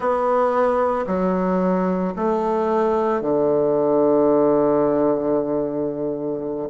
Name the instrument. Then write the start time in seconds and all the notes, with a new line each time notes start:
bassoon
0.00 B3
1.07 F#3
2.16 A3
3.21 D3